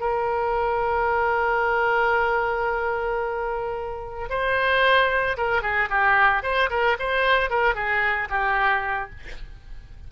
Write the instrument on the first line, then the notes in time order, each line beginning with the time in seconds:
oboe
0.00 A#4
4.30 C5
5.37 A#4
5.62 G#4
5.90 G4
6.43 C5
6.70 A#4
6.99 C5
7.50 A#4
7.75 G#4
8.30 G4